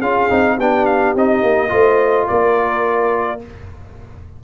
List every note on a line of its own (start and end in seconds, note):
0.00 0.30 C#4
0.00 0.30 F4
0.00 0.57 G#4
0.00 0.58 F5
0.30 0.59 C4
0.30 0.58 D#4
0.59 1.15 B3
0.59 1.17 D4
0.59 1.71 G4
0.59 0.86 G5
0.86 1.14 F5
1.15 1.43 C4
1.15 1.69 D#4
1.15 2.28 D#5
1.43 1.71 A#3
1.69 2.29 A3
1.69 3.39 F4
1.69 2.27 C5
2.27 3.44 A#3
2.27 3.40 A#4
2.27 3.41 D5